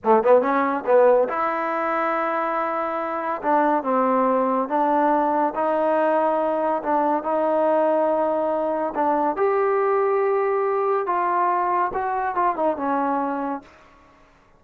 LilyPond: \new Staff \with { instrumentName = "trombone" } { \time 4/4 \tempo 4 = 141 a8 b8 cis'4 b4 e'4~ | e'1 | d'4 c'2 d'4~ | d'4 dis'2. |
d'4 dis'2.~ | dis'4 d'4 g'2~ | g'2 f'2 | fis'4 f'8 dis'8 cis'2 | }